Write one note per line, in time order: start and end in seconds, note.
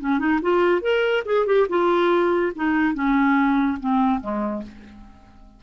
0.00 0.19 C#4
0.19 0.40 D#4
0.42 0.82 F4
0.82 1.24 A#4
1.26 1.46 G#4
1.46 1.67 G4
1.69 2.53 F4
2.56 2.94 D#4
2.94 3.78 C#4
3.80 4.21 C4
4.21 4.63 G#3